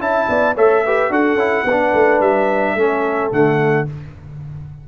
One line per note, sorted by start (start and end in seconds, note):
0.00 0.28 C#4
0.00 0.55 E4
0.00 0.29 E5
0.00 0.56 A5
0.29 0.56 B3
0.29 0.55 D5
0.55 1.10 A3
0.55 0.85 A4
0.55 0.83 C#5
0.55 1.13 E5
0.85 1.11 G4
0.85 1.12 B4
1.10 1.35 D4
1.10 1.38 F#4
1.10 1.66 A4
1.10 2.21 F#5
1.35 1.62 C#4
1.35 1.65 E4
1.65 1.92 B3
1.65 2.76 B4
1.71 2.78 D4
1.94 2.20 A3
2.20 2.75 G3
2.20 3.31 E5
2.75 3.30 A3
2.75 3.32 C#4
2.75 3.86 A4
3.32 3.87 D3
3.32 3.87 A3
3.32 3.88 F#5